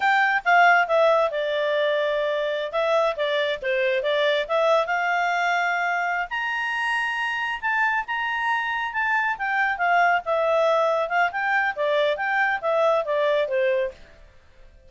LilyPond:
\new Staff \with { instrumentName = "clarinet" } { \time 4/4 \tempo 4 = 138 g''4 f''4 e''4 d''4~ | d''2~ d''16 e''4 d''8.~ | d''16 c''4 d''4 e''4 f''8.~ | f''2~ f''8 ais''4.~ |
ais''4. a''4 ais''4.~ | ais''8 a''4 g''4 f''4 e''8~ | e''4. f''8 g''4 d''4 | g''4 e''4 d''4 c''4 | }